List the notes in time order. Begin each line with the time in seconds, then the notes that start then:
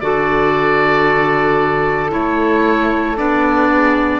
0.00 D3 F#4 A4 D5
2.09 A3 E4 C#5
3.17 B3 D4 D5
3.69 G#4